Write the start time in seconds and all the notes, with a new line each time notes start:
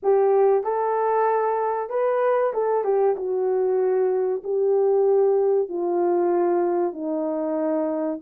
0.02 G4
0.63 A4
1.89 B4
2.53 A4
2.84 G4
3.16 F#4
4.43 G4
5.68 F4
6.92 D#4